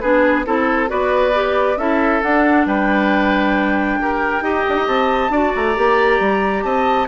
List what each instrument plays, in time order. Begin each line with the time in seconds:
0.00 bassoon B3, clarinet D4, oboe G#4, flute B4
0.45 bassoon C4, clarinet E4, oboe A4, flute A4
0.87 bassoon B3, clarinet F#4, oboe B4, flute D5
1.34 clarinet G4
1.77 bassoon C#4, clarinet E4, oboe A4, flute E5
2.22 bassoon D4, clarinet D4, flute F#5
2.66 bassoon G3, oboe B4, flute G5
4.00 bassoon G4, oboe A#4
4.41 bassoon D#4, clarinet G4, oboe D#5
4.68 bassoon D4
4.75 bassoon D#4
4.87 bassoon C4, flute A5
5.29 bassoon D4, clarinet F#4, oboe D5
5.54 bassoon A3, flute A#5
5.75 bassoon A#3, clarinet G4
6.19 bassoon G3
6.62 bassoon C4, oboe D#5, flute A5